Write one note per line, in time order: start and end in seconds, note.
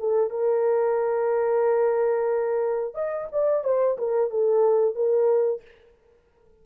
0.00 0.31 A4
0.31 2.95 A#4
2.95 3.28 D#5
3.33 3.65 D5
3.65 3.98 C5
3.98 4.31 A#4
4.31 4.96 A4
4.96 5.62 A#4